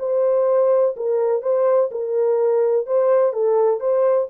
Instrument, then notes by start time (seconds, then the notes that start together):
horn
0.00 C5
0.97 A#4
1.43 C5
1.92 A#4
2.87 C5
3.33 A4
3.81 C5